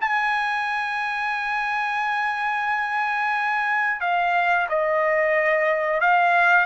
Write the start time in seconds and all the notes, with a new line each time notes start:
0.00 G#5
4.00 F5
4.68 D#5
6.00 F5